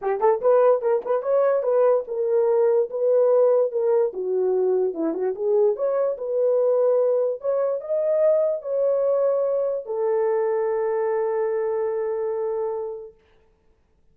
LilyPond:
\new Staff \with { instrumentName = "horn" } { \time 4/4 \tempo 4 = 146 g'8 a'8 b'4 ais'8 b'8 cis''4 | b'4 ais'2 b'4~ | b'4 ais'4 fis'2 | e'8 fis'8 gis'4 cis''4 b'4~ |
b'2 cis''4 dis''4~ | dis''4 cis''2. | a'1~ | a'1 | }